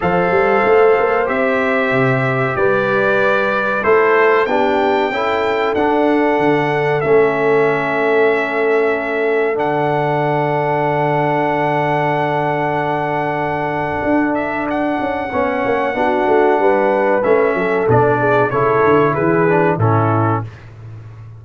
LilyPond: <<
  \new Staff \with { instrumentName = "trumpet" } { \time 4/4 \tempo 4 = 94 f''2 e''2 | d''2 c''4 g''4~ | g''4 fis''2 e''4~ | e''2. fis''4~ |
fis''1~ | fis''2~ fis''8 e''8 fis''4~ | fis''2. e''4 | d''4 cis''4 b'4 a'4 | }
  \new Staff \with { instrumentName = "horn" } { \time 4/4 c''1 | b'2 a'4 g'4 | a'1~ | a'1~ |
a'1~ | a'1 | cis''4 fis'4 b'4. a'8~ | a'8 gis'8 a'4 gis'4 e'4 | }
  \new Staff \with { instrumentName = "trombone" } { \time 4/4 a'2 g'2~ | g'2 e'4 d'4 | e'4 d'2 cis'4~ | cis'2. d'4~ |
d'1~ | d'1 | cis'4 d'2 cis'4 | d'4 e'4. d'8 cis'4 | }
  \new Staff \with { instrumentName = "tuba" } { \time 4/4 f8 g8 a8 ais8 c'4 c4 | g2 a4 b4 | cis'4 d'4 d4 a4~ | a2. d4~ |
d1~ | d2 d'4. cis'8 | b8 ais8 b8 a8 g4 a8 fis8 | b,4 cis8 d8 e4 a,4 | }
>>